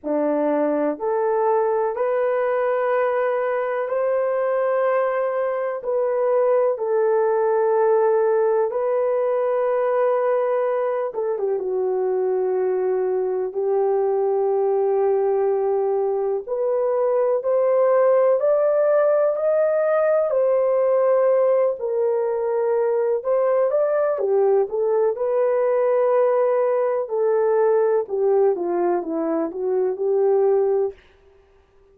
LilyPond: \new Staff \with { instrumentName = "horn" } { \time 4/4 \tempo 4 = 62 d'4 a'4 b'2 | c''2 b'4 a'4~ | a'4 b'2~ b'8 a'16 g'16 | fis'2 g'2~ |
g'4 b'4 c''4 d''4 | dis''4 c''4. ais'4. | c''8 d''8 g'8 a'8 b'2 | a'4 g'8 f'8 e'8 fis'8 g'4 | }